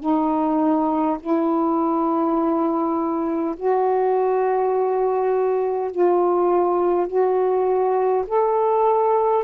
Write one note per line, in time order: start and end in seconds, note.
0.00 1.18 D#4
1.20 3.56 E4
3.56 5.91 F#4
5.91 7.07 F4
7.07 8.25 F#4
8.27 9.44 A4